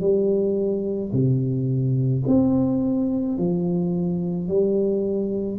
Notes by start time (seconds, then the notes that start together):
0.00 G3
1.13 C3
2.27 C4
3.38 F3
4.48 G3